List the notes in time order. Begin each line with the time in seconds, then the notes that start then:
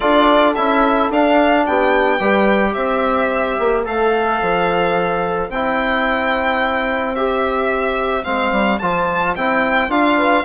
0.00 D4 F4 A4 D5
0.55 C#4 E4 E5
1.10 D4 F5
1.66 B3 G4 G5
2.19 G3 G4 B4
2.72 C4 C5 E5
3.59 A#3
3.84 A3 A4 F5
4.41 F3
5.49 C4 E4 G5
7.15 G4 E5
8.24 G#3 C4 F5
8.51 G3
8.79 F3 F4 A5
9.35 C4 E4 G5
9.89 D4 F4 F5
10.17 B4